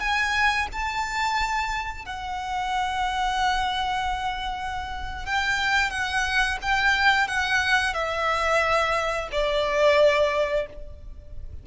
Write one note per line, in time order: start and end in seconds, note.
0.00 0.67 G#5
0.72 2.06 A5
2.06 5.26 F#5
5.26 5.91 G5
5.91 6.58 F#5
6.62 7.27 G5
7.27 7.94 F#5
7.94 9.28 E5
9.32 10.67 D5